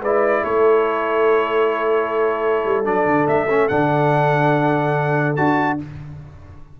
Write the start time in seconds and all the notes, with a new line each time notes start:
0.00 G#3 E4 B4 D5
0.44 A3 A4 C#5
2.65 G3
2.84 F#3 D4 D5
3.06 D3
3.27 A3 E5
3.49 C#4
3.68 D3 D4 F#5
5.36 D4 F#4 A5